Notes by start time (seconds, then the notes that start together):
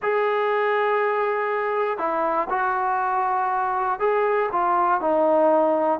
0.02 G#4
1.97 E4
2.49 F#4
3.99 G#4
4.51 F4
5.00 D#4